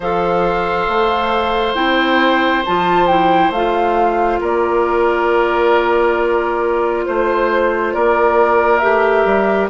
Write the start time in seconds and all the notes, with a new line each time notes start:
0.00 F3 A4 C5 F5
0.87 A3
1.74 C4 E4 G5
2.65 F3 F4 A5
3.07 E4 G5
3.50 A3 F4 F5
4.40 A#3 A#4 D5
7.05 A3 C5
7.93 A#3 A#4 D5
8.78 A3 G4 E5
9.25 G3